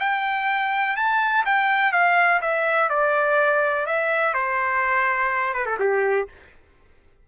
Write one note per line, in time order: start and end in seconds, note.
0.00 0.96 G5
0.96 1.45 A5
1.45 1.92 G5
1.92 2.40 F5
2.41 2.89 E5
2.89 3.86 D5
3.86 4.34 E5
4.34 5.54 C5
5.54 5.66 B4
5.66 5.78 A4
5.80 6.28 G4